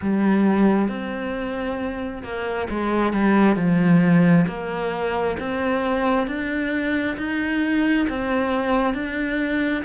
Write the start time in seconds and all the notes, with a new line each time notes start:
0.01 G3
0.88 C4
2.23 A#3
2.70 G#3
3.13 G3
3.56 F3
4.47 A#3
5.39 C4
6.27 D4
7.17 D#4
8.09 C4
8.93 D4